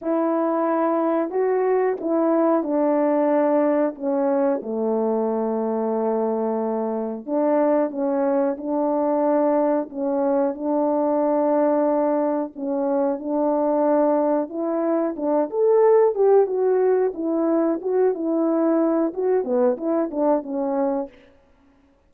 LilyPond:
\new Staff \with { instrumentName = "horn" } { \time 4/4 \tempo 4 = 91 e'2 fis'4 e'4 | d'2 cis'4 a4~ | a2. d'4 | cis'4 d'2 cis'4 |
d'2. cis'4 | d'2 e'4 d'8 a'8~ | a'8 g'8 fis'4 e'4 fis'8 e'8~ | e'4 fis'8 b8 e'8 d'8 cis'4 | }